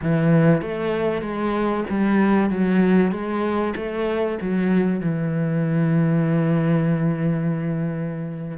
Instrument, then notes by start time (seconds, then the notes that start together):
cello
0.02 E3
0.61 A3
1.21 G#3
1.89 G3
2.50 F#3
3.11 G#3
3.76 A3
4.41 F#3
5.00 E3